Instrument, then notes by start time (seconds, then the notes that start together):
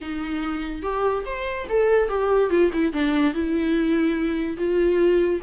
viola
0.01 D#4
0.82 G4
1.25 C5
1.69 A4
2.08 G4
2.50 F4
2.73 E4
2.92 D4
3.34 E4
4.57 F4